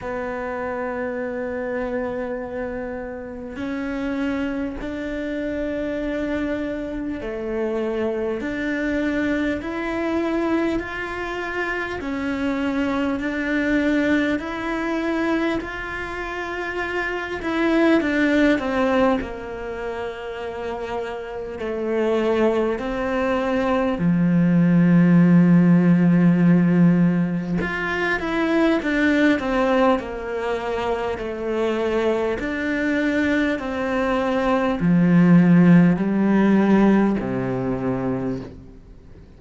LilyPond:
\new Staff \with { instrumentName = "cello" } { \time 4/4 \tempo 4 = 50 b2. cis'4 | d'2 a4 d'4 | e'4 f'4 cis'4 d'4 | e'4 f'4. e'8 d'8 c'8 |
ais2 a4 c'4 | f2. f'8 e'8 | d'8 c'8 ais4 a4 d'4 | c'4 f4 g4 c4 | }